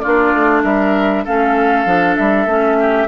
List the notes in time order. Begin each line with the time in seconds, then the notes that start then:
0.00 A#3 D4 F4 D5
0.33 A3
0.64 G3 A#4 E5
1.24 A3 C#4 A4 F5
1.85 F3 D4
2.16 G3 E5
2.46 A3 C#4
2.80 G4